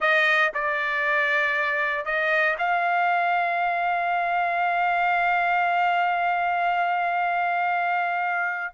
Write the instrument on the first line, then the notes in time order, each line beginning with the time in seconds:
trumpet
0.00 D#5
0.54 D5
2.05 D#5
2.58 F5